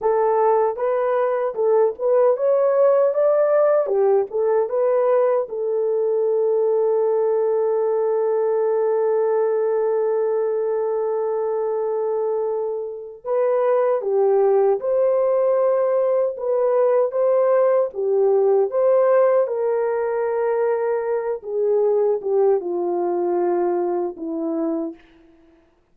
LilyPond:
\new Staff \with { instrumentName = "horn" } { \time 4/4 \tempo 4 = 77 a'4 b'4 a'8 b'8 cis''4 | d''4 g'8 a'8 b'4 a'4~ | a'1~ | a'1~ |
a'4 b'4 g'4 c''4~ | c''4 b'4 c''4 g'4 | c''4 ais'2~ ais'8 gis'8~ | gis'8 g'8 f'2 e'4 | }